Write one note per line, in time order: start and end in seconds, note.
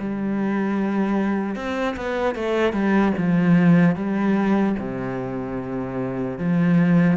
0.00 1.56 G3
1.56 1.96 C4
1.97 2.36 B3
2.36 2.73 A3
2.73 3.13 G3
3.18 3.96 F3
3.96 4.76 G3
4.79 6.39 C3
6.39 7.17 F3